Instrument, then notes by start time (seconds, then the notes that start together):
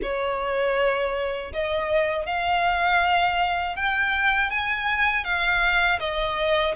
violin
0.02 C#5
1.52 D#5
2.26 F5
3.76 G5
4.50 G#5
5.24 F5
5.99 D#5